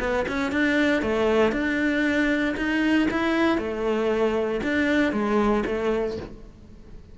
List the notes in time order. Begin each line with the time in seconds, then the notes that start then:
0.00 B3
0.28 C#4
0.52 D4
1.03 A3
1.53 D4
2.57 D#4
3.11 E4
3.59 A3
4.63 D4
5.13 G#3
5.66 A3